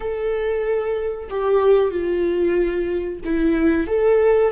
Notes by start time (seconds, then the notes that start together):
0.00 A4
1.29 G4
1.90 F4
3.24 E4
3.87 A4